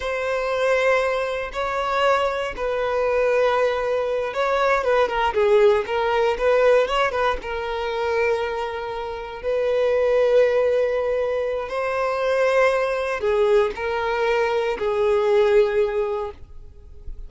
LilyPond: \new Staff \with { instrumentName = "violin" } { \time 4/4 \tempo 4 = 118 c''2. cis''4~ | cis''4 b'2.~ | b'8 cis''4 b'8 ais'8 gis'4 ais'8~ | ais'8 b'4 cis''8 b'8 ais'4.~ |
ais'2~ ais'8 b'4.~ | b'2. c''4~ | c''2 gis'4 ais'4~ | ais'4 gis'2. | }